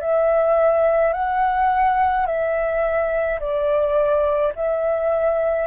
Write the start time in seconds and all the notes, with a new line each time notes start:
0.00 E5
1.13 F#5
2.26 E5
3.39 D5
4.55 E5